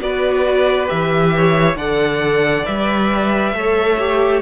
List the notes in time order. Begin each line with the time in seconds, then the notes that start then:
0.00 B3 F#4 B4 D5
0.87 E3 G4 E5
1.36 C#5
1.75 D3 A4 D5 F#5
2.65 G3 B4 E5
3.53 A3 A4 C#5
3.99 G4